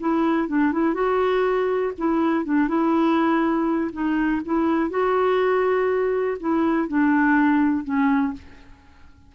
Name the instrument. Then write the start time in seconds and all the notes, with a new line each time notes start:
clarinet
0.00 E4
0.48 D4
0.72 E4
0.94 F#4
1.98 E4
2.45 D4
2.68 E4
3.93 D#4
4.45 E4
4.90 F#4
6.40 E4
6.88 D4
7.84 C#4